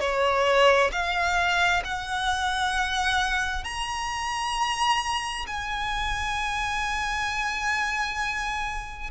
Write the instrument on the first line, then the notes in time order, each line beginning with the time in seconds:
violin
0.00 C#5
0.92 F5
1.85 F#5
3.64 A#5
5.47 G#5